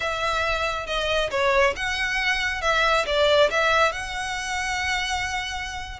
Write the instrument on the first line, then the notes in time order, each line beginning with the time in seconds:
violin
0.00 E5
0.86 D#5
1.30 C#5
1.76 F#5
2.61 E5
3.06 D5
3.50 E5
3.92 F#5